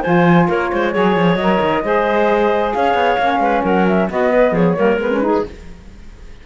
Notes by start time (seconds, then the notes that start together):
0.00 F3 F4 C5 G#5
0.47 A#3 A#4 C#5
0.72 G#3 C5
0.92 F#3 G#4 C#5
1.16 F3
1.35 F#3 D#5
1.41 A#4
1.61 D#3
1.83 G#3 G#4 C5
2.73 C#4 C#5 F5
2.93 B3
3.18 A#3 C#4
3.39 G#3 B4
3.63 F#3 A#4 F#5
3.87 E5
4.09 B3 F#4 D#5
4.30 B4
4.51 F3 G#4 C#5
4.76 G3 A#3 A#4
4.97 G#3 B3 B4
5.11 C#4
5.21 D#4 G#4